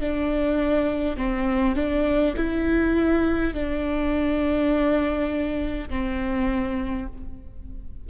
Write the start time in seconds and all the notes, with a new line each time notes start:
0.00 D4
1.17 C4
1.75 D4
2.36 E4
3.53 D4
5.89 C4